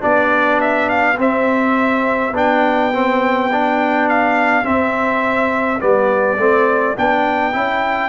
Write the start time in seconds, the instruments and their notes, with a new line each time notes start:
0.00 tuba B3, trombone D4, horn G4, trumpet D5
0.61 trumpet E5
0.89 trumpet F5
1.18 trombone C4, tuba C4, trumpet E5
2.31 tuba B3, trombone D4, trumpet G5
2.92 trombone C4
3.52 trombone D4
4.09 trumpet F5
4.64 trombone C4, tuba C4, trumpet E5
5.80 tuba G3, trombone B3, trumpet D5
6.37 tuba A3, trombone C4
6.96 tuba B3, trombone D4, trumpet G5
7.52 tuba C#4, trombone E4